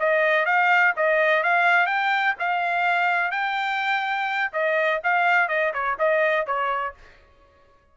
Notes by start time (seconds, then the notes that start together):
0.00 D#5
0.46 F5
0.97 D#5
1.44 F5
1.87 G5
2.40 F5
3.32 G5
4.53 D#5
5.04 F5
5.49 D#5
5.74 C#5
5.99 D#5
6.47 C#5